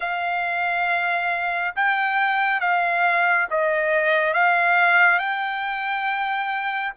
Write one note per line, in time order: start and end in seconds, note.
0.00 1.74 F5
1.75 2.60 G5
2.60 3.47 F5
3.50 4.33 D#5
4.33 5.19 F5
5.19 6.92 G5